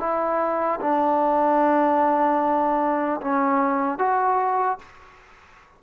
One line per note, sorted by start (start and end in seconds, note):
0.00 0.80 E4
0.81 3.21 D4
3.21 3.99 C#4
3.99 4.79 F#4